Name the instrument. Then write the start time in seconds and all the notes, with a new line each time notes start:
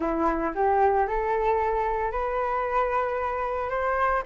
flute
0.00 E4
0.54 G4
1.07 A4
2.11 B4
3.69 C5